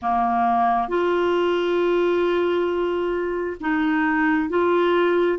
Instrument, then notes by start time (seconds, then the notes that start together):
clarinet
0.02 A#3
0.88 F4
3.60 D#4
4.49 F4